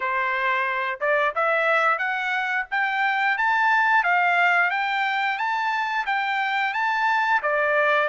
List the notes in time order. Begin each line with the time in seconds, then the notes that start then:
0.00 C5
1.00 D5
1.35 E5
1.98 F#5
2.70 G5
3.37 A5
4.03 F5
4.70 G5
5.37 A5
6.06 G5
6.73 A5
7.42 D5